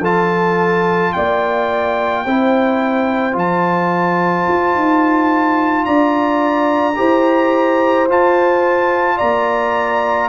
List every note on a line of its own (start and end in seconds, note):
0.00 1.11 F3
0.00 2.26 F4
0.00 1.12 A4
0.00 1.13 A5
1.13 2.26 A#3
1.13 2.25 D5
1.13 3.35 G5
2.25 3.36 C4
2.25 3.33 E4
2.25 5.86 C5
3.33 4.47 F3
3.33 6.94 F4
3.39 5.86 A5
4.48 4.75 F4
4.75 5.86 D#4
5.86 6.98 D4
5.86 6.97 D5
5.86 8.08 A#5
6.96 8.09 E4
6.96 8.07 G4
6.96 9.18 C5
8.09 9.20 F4
8.09 10.30 F4
8.09 9.19 A5
9.18 10.30 A#3
9.18 10.29 D5
9.18 10.30 A#5